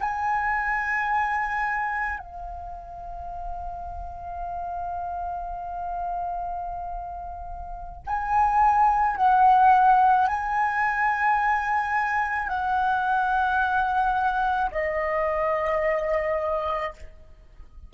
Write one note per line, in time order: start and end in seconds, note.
0.00 2.19 G#5
2.19 8.02 F5
8.07 9.16 G#5
9.16 10.27 F#5
10.27 12.48 G#5
12.48 14.71 F#5
14.71 16.93 D#5